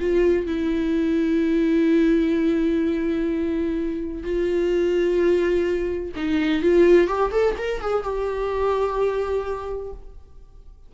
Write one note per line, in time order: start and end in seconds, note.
0.00 0.47 F4
0.47 4.23 E4
4.23 6.12 F4
6.16 6.63 D#4
6.63 7.08 F4
7.08 7.31 G4
7.32 7.55 A4
7.58 7.81 A#4
7.81 8.04 G#4
8.04 9.93 G4